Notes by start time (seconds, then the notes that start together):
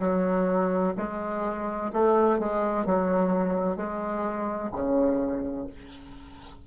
0.00 F#3
0.98 G#3
1.93 A3
2.39 G#3
2.86 F#3
3.77 G#3
4.73 C#3